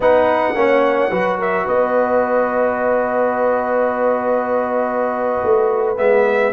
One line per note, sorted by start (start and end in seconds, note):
0.00 0.53 B3
0.00 0.55 D#4
0.00 0.56 B4
0.00 1.40 F#5
0.54 1.10 A#3
0.54 1.11 C#4
0.54 1.10 C#5
1.10 1.65 F#3
1.10 5.97 F#4
1.10 1.38 B4
1.38 1.65 A#4
1.38 1.67 E5
1.65 5.42 B3
1.65 6.51 B4
1.65 5.97 D#5
5.43 5.97 A3
5.97 6.52 G#3
5.97 6.52 B3
5.97 6.52 E5